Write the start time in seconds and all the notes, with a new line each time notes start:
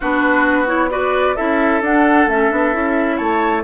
0.00 B3 D4 F#4 B4
0.67 E4 C#5
0.90 F#4 B4 D5
1.35 C#4 E4 A4 E5
1.81 D4 F#5
2.26 A3 C#4 E5
2.50 B3 D4
2.72 C#4 E4
3.16 A3 C#5 A5